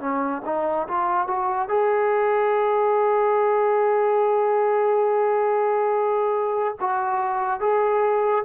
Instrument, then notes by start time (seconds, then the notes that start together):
trombone
0.00 C#4
0.45 D#4
0.88 F4
1.28 F#4
1.69 G#4
6.80 F#4
7.61 G#4